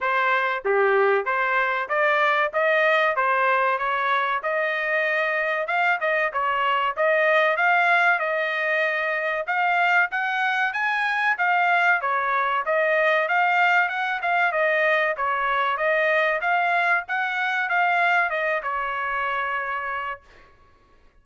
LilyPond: \new Staff \with { instrumentName = "trumpet" } { \time 4/4 \tempo 4 = 95 c''4 g'4 c''4 d''4 | dis''4 c''4 cis''4 dis''4~ | dis''4 f''8 dis''8 cis''4 dis''4 | f''4 dis''2 f''4 |
fis''4 gis''4 f''4 cis''4 | dis''4 f''4 fis''8 f''8 dis''4 | cis''4 dis''4 f''4 fis''4 | f''4 dis''8 cis''2~ cis''8 | }